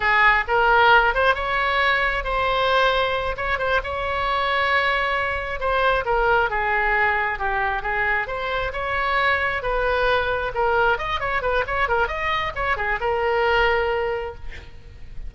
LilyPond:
\new Staff \with { instrumentName = "oboe" } { \time 4/4 \tempo 4 = 134 gis'4 ais'4. c''8 cis''4~ | cis''4 c''2~ c''8 cis''8 | c''8 cis''2.~ cis''8~ | cis''8 c''4 ais'4 gis'4.~ |
gis'8 g'4 gis'4 c''4 cis''8~ | cis''4. b'2 ais'8~ | ais'8 dis''8 cis''8 b'8 cis''8 ais'8 dis''4 | cis''8 gis'8 ais'2. | }